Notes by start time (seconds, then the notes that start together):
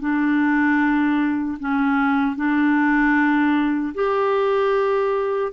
0.00 D4
1.60 C#4
2.36 D4
3.94 G4